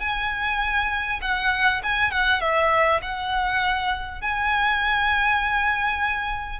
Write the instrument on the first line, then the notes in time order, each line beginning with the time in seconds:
violin
0.00 G#5
1.22 F#5
1.83 G#5
2.11 F#5
2.41 E5
3.02 F#5
4.21 G#5